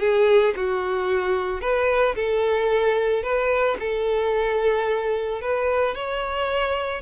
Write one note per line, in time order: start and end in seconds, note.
0.00 0.54 G#4
0.56 1.61 F#4
1.61 2.15 B4
2.16 3.23 A4
3.23 3.77 B4
3.79 5.42 A4
5.42 5.95 B4
5.95 7.02 C#5